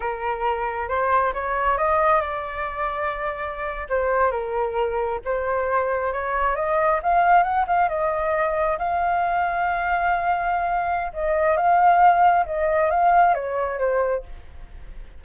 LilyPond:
\new Staff \with { instrumentName = "flute" } { \time 4/4 \tempo 4 = 135 ais'2 c''4 cis''4 | dis''4 d''2.~ | d''8. c''4 ais'2 c''16~ | c''4.~ c''16 cis''4 dis''4 f''16~ |
f''8. fis''8 f''8 dis''2 f''16~ | f''1~ | f''4 dis''4 f''2 | dis''4 f''4 cis''4 c''4 | }